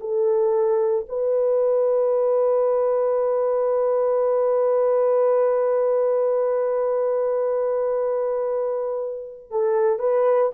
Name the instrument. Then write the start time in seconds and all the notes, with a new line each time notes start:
horn
0.00 A4
1.09 B4
9.50 A4
9.99 B4